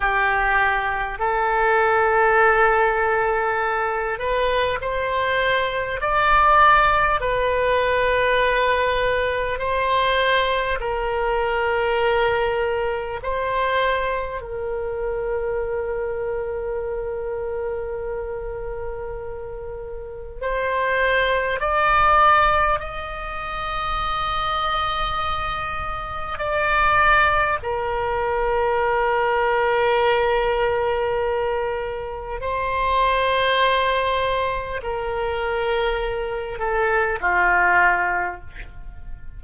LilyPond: \new Staff \with { instrumentName = "oboe" } { \time 4/4 \tempo 4 = 50 g'4 a'2~ a'8 b'8 | c''4 d''4 b'2 | c''4 ais'2 c''4 | ais'1~ |
ais'4 c''4 d''4 dis''4~ | dis''2 d''4 ais'4~ | ais'2. c''4~ | c''4 ais'4. a'8 f'4 | }